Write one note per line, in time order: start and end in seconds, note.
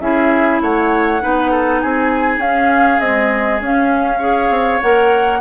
0.00 0.60 C#4
0.00 1.20 E4
0.00 0.62 G#4
0.00 0.60 E5
0.61 1.21 A3
0.61 1.22 C#5
0.61 1.80 F#5
1.20 1.83 B3
1.20 2.40 D#4
1.20 1.51 B4
1.51 1.81 A4
1.80 2.37 C4
1.80 4.18 G#4
1.80 2.41 G#5
2.37 2.97 C#4
2.37 2.99 F5
2.44 3.02 C#4
2.99 3.62 G#3
2.99 3.59 C4
2.99 3.59 D#5
3.60 4.49 C#4
3.60 4.19 C#4
3.60 4.81 F5
4.18 4.79 G#4
4.18 5.38 C#5
4.49 4.79 C4
4.81 5.40 A#3
4.81 5.40 A#4
4.81 5.40 F#5